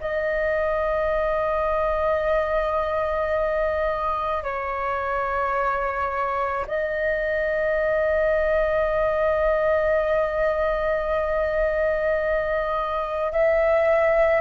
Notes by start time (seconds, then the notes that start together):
0.00 D#5
4.43 C#5
6.67 D#5
13.32 E5